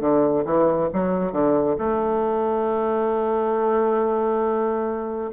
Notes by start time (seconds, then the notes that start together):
0.00 D3
0.45 E3
0.93 F#3
1.32 D3
1.78 A3